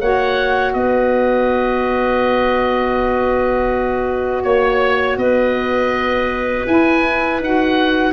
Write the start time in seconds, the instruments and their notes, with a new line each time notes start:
0.00 tuba A#3, saxophone F#4, clarinet C#5, oboe F#5
0.73 tuba B3, clarinet B4, oboe D#5
4.43 tuba A#3, oboe C#5, clarinet C#5
5.17 tuba B3, clarinet B4, oboe D#5
6.67 tuba E4, saxophone E4, oboe G#5
7.40 tuba D#4, saxophone F#4, oboe F#5